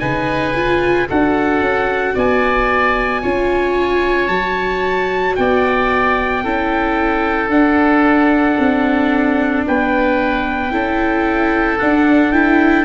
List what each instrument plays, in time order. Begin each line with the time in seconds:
0.00 tuba C#3, viola D#4, oboe B4, trumpet G#5
0.55 viola F4
1.09 tuba D4, viola F#4, oboe A4, trumpet F#5
1.60 tuba C#4
2.15 tuba B3, oboe D5, trumpet G#5
3.22 tuba C#4, viola F4, oboe C#5
4.28 tuba F#3, viola F#4, trumpet A5
5.36 tuba B3, oboe D5, trumpet G5
6.44 tuba C#4, viola E4, oboe A4
7.48 tuba D4, viola D4, trumpet F#5
8.59 tuba C4
9.67 tuba B3, oboe B4, trumpet G5
10.72 tuba C#4, viola E4, oboe A4
11.79 viola D4, tuba D4, trumpet F#5
12.33 viola E4, trumpet G5